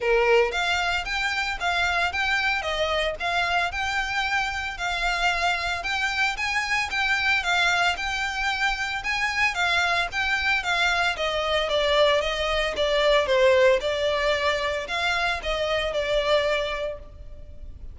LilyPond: \new Staff \with { instrumentName = "violin" } { \time 4/4 \tempo 4 = 113 ais'4 f''4 g''4 f''4 | g''4 dis''4 f''4 g''4~ | g''4 f''2 g''4 | gis''4 g''4 f''4 g''4~ |
g''4 gis''4 f''4 g''4 | f''4 dis''4 d''4 dis''4 | d''4 c''4 d''2 | f''4 dis''4 d''2 | }